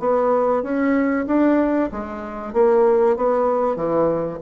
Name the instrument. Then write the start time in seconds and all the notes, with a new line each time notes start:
bassoon
0.00 B3
0.63 C#4
1.27 D4
1.92 G#3
2.53 A#3
3.17 B3
3.76 E3